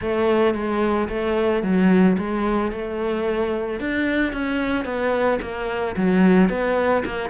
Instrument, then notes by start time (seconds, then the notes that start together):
cello
0.01 A3
0.54 G#3
1.08 A3
1.62 F#3
2.17 G#3
2.71 A3
3.80 D4
4.32 C#4
4.85 B3
5.41 A#3
5.96 F#3
6.49 B3
7.05 A#3